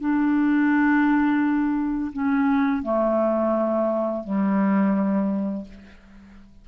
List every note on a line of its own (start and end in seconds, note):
0.00 2.12 D4
2.12 2.83 C#4
2.83 4.24 A3
4.24 5.65 G3